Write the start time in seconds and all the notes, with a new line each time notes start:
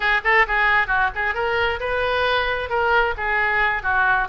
0.00 G#4
0.24 A4
0.47 G#4
0.87 F#4
1.15 G#4
1.34 A#4
1.80 B4
2.69 A#4
3.17 G#4
3.82 F#4